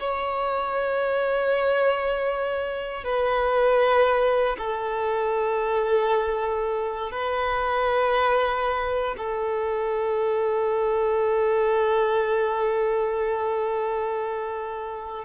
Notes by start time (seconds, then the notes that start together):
0.00 C#5
3.04 B4
4.58 A4
7.11 B4
9.18 A4